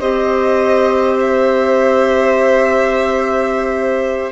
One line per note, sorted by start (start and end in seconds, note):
0.00 4.33 C4
0.00 4.33 G4
0.00 4.33 C5
0.00 1.16 D#5
1.20 4.33 E5